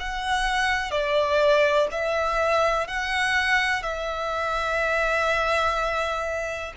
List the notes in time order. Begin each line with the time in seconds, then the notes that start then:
0.00 F#5
0.91 D5
1.92 E5
2.88 F#5
3.83 E5